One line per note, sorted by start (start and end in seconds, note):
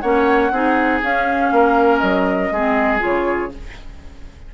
0.00 0.51 A#3
0.00 0.52 C#4
0.00 0.51 C#5
0.00 1.00 F#5
0.51 1.01 C4
0.51 1.02 D#4
0.51 1.53 G#4
1.03 1.51 C#4
1.03 2.55 C#4
1.03 1.98 F5
1.51 2.01 A#3
1.51 2.52 A#4
1.98 2.51 F#3
1.98 2.98 D#5
2.51 3.01 G#3
2.51 2.99 C4
2.51 3.52 G#4
2.99 3.53 C#3
2.99 3.49 F4
2.99 3.54 C#5